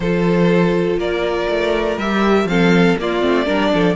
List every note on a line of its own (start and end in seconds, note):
0.00 0.97 F3
0.00 2.01 F4
0.00 0.99 A4
0.00 0.99 C5
0.97 1.46 A#3
0.97 2.48 A#4
0.97 1.98 D5
1.49 1.97 A3
1.97 2.45 G3
1.97 2.48 G4
1.97 2.47 E5
2.45 2.94 F3
2.45 2.97 C4
2.45 2.99 A4
2.45 2.97 F5
2.98 3.22 A#3
2.98 3.21 A#3
2.98 3.45 F4
2.98 3.95 D5
3.21 3.47 A3
3.21 3.45 C4
3.45 3.73 G3
3.45 3.95 D4
3.45 3.70 A#4
3.73 3.95 F3
3.73 3.95 A4